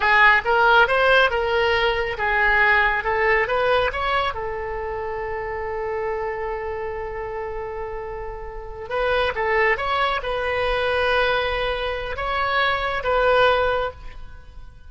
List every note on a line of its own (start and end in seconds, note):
0.00 0.42 G#4
0.44 0.87 A#4
0.87 1.30 C5
1.30 2.17 A#4
2.17 3.04 G#4
3.04 3.47 A4
3.47 3.91 B4
3.92 4.34 C#5
4.34 8.89 A4
8.89 9.32 B4
9.35 9.77 A4
9.77 10.20 C#5
10.23 12.16 B4
12.16 13.03 C#5
13.03 13.90 B4